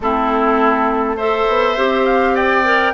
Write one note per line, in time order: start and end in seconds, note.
0.00 1.47 A3
0.00 1.18 C4
0.00 1.16 E4
0.00 1.18 A4
1.16 1.77 A4
1.16 2.34 C5
1.16 2.06 E5
1.48 1.76 B3
1.76 2.94 C4
1.76 2.64 G4
2.06 2.35 F5
2.34 2.93 D5
2.34 2.94 G5
2.64 2.94 A#4